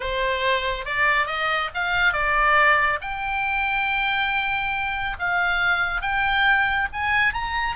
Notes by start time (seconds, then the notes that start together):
0.00 C5
0.85 D5
1.26 D#5
1.74 F5
2.12 D5
3.01 G5
5.19 F5
6.01 G5
6.92 G#5
7.33 A#5